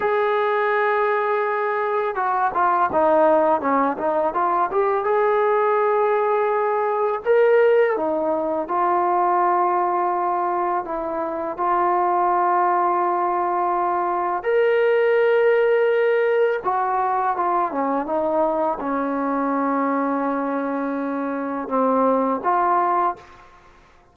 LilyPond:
\new Staff \with { instrumentName = "trombone" } { \time 4/4 \tempo 4 = 83 gis'2. fis'8 f'8 | dis'4 cis'8 dis'8 f'8 g'8 gis'4~ | gis'2 ais'4 dis'4 | f'2. e'4 |
f'1 | ais'2. fis'4 | f'8 cis'8 dis'4 cis'2~ | cis'2 c'4 f'4 | }